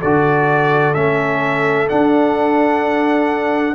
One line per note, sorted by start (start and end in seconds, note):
0.00 0.96 D3
0.00 0.95 F#4
0.00 3.75 A4
0.00 0.95 D5
0.95 1.90 A3
0.95 1.88 C#4
0.95 1.88 E5
1.88 3.75 D4
1.88 3.75 F#5